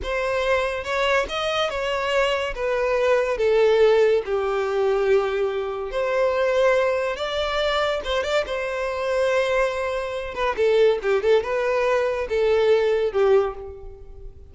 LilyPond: \new Staff \with { instrumentName = "violin" } { \time 4/4 \tempo 4 = 142 c''2 cis''4 dis''4 | cis''2 b'2 | a'2 g'2~ | g'2 c''2~ |
c''4 d''2 c''8 d''8 | c''1~ | c''8 b'8 a'4 g'8 a'8 b'4~ | b'4 a'2 g'4 | }